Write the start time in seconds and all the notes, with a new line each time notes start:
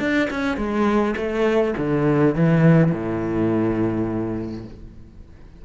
0.00 D4
0.31 C#4
0.57 G#3
1.17 A3
1.78 D3
2.35 E3
2.92 A2